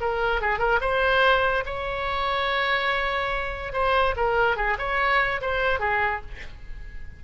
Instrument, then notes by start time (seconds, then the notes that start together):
oboe
0.00 A#4
0.41 G#4
0.59 A#4
0.80 C5
1.65 C#5
3.73 C5
4.16 A#4
4.56 G#4
4.78 C#5
5.41 C5
5.79 G#4